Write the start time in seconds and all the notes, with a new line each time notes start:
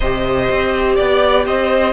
0.00 C3 G4 C5 D#5
0.50 C4
0.95 B3 D5
1.45 C4 C5 D#5